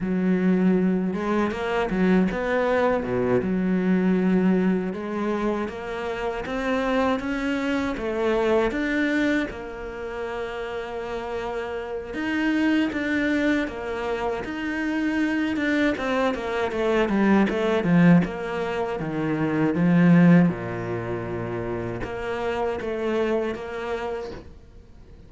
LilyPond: \new Staff \with { instrumentName = "cello" } { \time 4/4 \tempo 4 = 79 fis4. gis8 ais8 fis8 b4 | b,8 fis2 gis4 ais8~ | ais8 c'4 cis'4 a4 d'8~ | d'8 ais2.~ ais8 |
dis'4 d'4 ais4 dis'4~ | dis'8 d'8 c'8 ais8 a8 g8 a8 f8 | ais4 dis4 f4 ais,4~ | ais,4 ais4 a4 ais4 | }